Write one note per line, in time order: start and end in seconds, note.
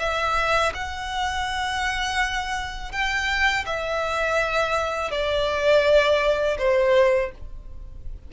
0.00 0.73 E5
0.75 2.92 F#5
2.92 3.66 G5
3.66 5.12 E5
5.12 6.58 D5
6.59 7.32 C5